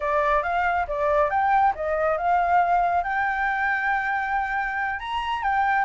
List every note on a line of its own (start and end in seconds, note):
0.00 0.42 D5
0.42 0.86 F5
0.87 1.30 D5
1.30 1.73 G5
1.75 2.17 D#5
2.17 3.03 F5
3.03 4.99 G5
4.99 5.42 A#5
5.42 5.84 G5